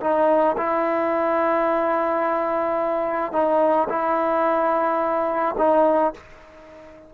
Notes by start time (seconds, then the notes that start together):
0.00 D#4
0.57 E4
3.32 D#4
3.89 E4
5.58 D#4